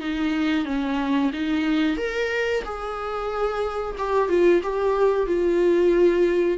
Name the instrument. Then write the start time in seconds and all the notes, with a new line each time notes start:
viola
0.00 D#4
0.65 C#4
1.32 D#4
1.97 A#4
2.64 G#4
3.98 G4
4.29 F4
4.62 G4
5.27 F4